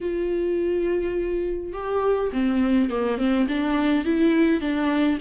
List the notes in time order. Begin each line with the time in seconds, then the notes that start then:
0.00 F4
1.73 G4
2.32 C4
2.90 A#3
3.18 C4
3.47 D4
4.04 E4
4.60 D4